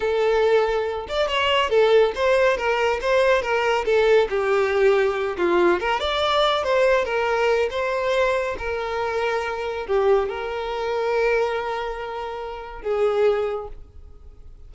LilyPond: \new Staff \with { instrumentName = "violin" } { \time 4/4 \tempo 4 = 140 a'2~ a'8 d''8 cis''4 | a'4 c''4 ais'4 c''4 | ais'4 a'4 g'2~ | g'8 f'4 ais'8 d''4. c''8~ |
c''8 ais'4. c''2 | ais'2. g'4 | ais'1~ | ais'2 gis'2 | }